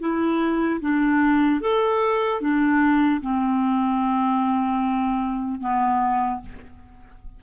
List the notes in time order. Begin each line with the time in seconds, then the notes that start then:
0.00 E4
0.81 D4
1.61 A4
2.41 D4
3.21 C4
5.60 B3